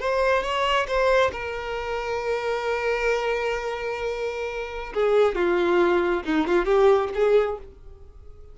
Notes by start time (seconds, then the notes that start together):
0.00 C5
0.43 C#5
0.87 C5
1.32 A#4
4.94 G#4
5.35 F4
6.25 D#4
6.47 F4
6.65 G4
7.14 G#4